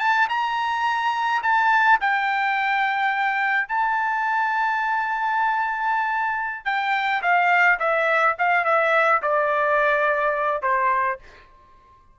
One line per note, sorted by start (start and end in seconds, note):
0.00 0.28 A5
0.30 1.43 A#5
1.43 2.00 A5
2.01 3.68 G5
3.68 6.66 A5
6.66 7.22 G5
7.23 7.79 F5
7.80 8.36 E5
8.39 8.65 F5
8.65 9.22 E5
9.23 10.63 D5
10.63 11.19 C5